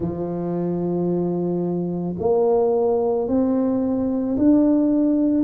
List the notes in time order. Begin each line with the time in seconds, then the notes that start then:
0.00 F3
2.19 A#3
3.27 C4
4.37 D4